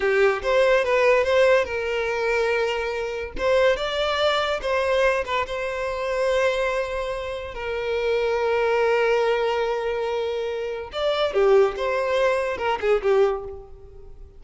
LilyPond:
\new Staff \with { instrumentName = "violin" } { \time 4/4 \tempo 4 = 143 g'4 c''4 b'4 c''4 | ais'1 | c''4 d''2 c''4~ | c''8 b'8 c''2.~ |
c''2 ais'2~ | ais'1~ | ais'2 d''4 g'4 | c''2 ais'8 gis'8 g'4 | }